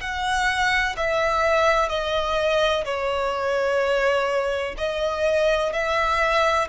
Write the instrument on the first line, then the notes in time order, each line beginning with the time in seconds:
violin
0.00 F#5
0.97 E5
1.89 D#5
2.84 C#5
4.77 D#5
5.73 E5